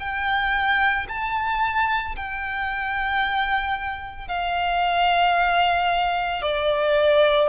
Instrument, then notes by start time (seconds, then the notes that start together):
violin
0.00 G5
1.09 A5
2.16 G5
4.29 F5
6.42 D5